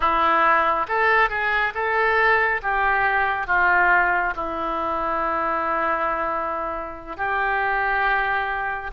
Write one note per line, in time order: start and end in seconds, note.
0.00 0.87 E4
0.88 1.29 A4
1.29 1.73 G#4
1.74 2.61 A4
2.62 3.47 G4
3.47 4.34 F4
4.35 7.17 E4
7.17 8.91 G4